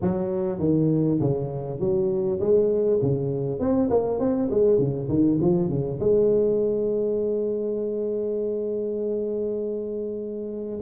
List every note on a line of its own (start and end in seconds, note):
0.01 0.59 F#3
0.59 1.19 D#3
1.20 1.79 C#3
1.79 2.39 F#3
2.40 3.00 G#3
3.02 3.59 C#3
3.59 3.89 C4
3.90 4.19 A#3
4.19 4.49 C4
4.50 4.78 G#3
4.78 5.08 C#3
5.08 5.38 D#3
5.40 5.69 F3
5.69 5.99 C#3
5.99 10.79 G#3